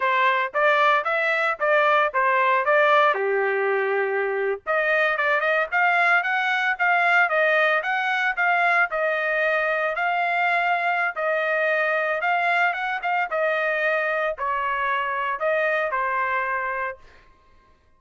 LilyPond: \new Staff \with { instrumentName = "trumpet" } { \time 4/4 \tempo 4 = 113 c''4 d''4 e''4 d''4 | c''4 d''4 g'2~ | g'8. dis''4 d''8 dis''8 f''4 fis''16~ | fis''8. f''4 dis''4 fis''4 f''16~ |
f''8. dis''2 f''4~ f''16~ | f''4 dis''2 f''4 | fis''8 f''8 dis''2 cis''4~ | cis''4 dis''4 c''2 | }